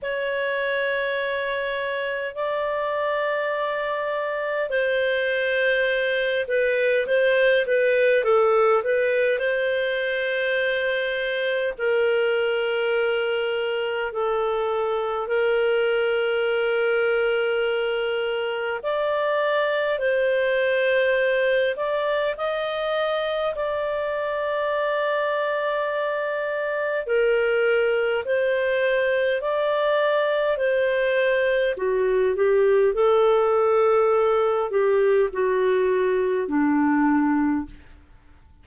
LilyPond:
\new Staff \with { instrumentName = "clarinet" } { \time 4/4 \tempo 4 = 51 cis''2 d''2 | c''4. b'8 c''8 b'8 a'8 b'8 | c''2 ais'2 | a'4 ais'2. |
d''4 c''4. d''8 dis''4 | d''2. ais'4 | c''4 d''4 c''4 fis'8 g'8 | a'4. g'8 fis'4 d'4 | }